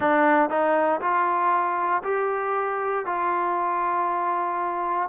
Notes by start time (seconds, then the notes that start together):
0.00 D4
0.49 D#4
1.00 F4
2.03 G4
3.05 F4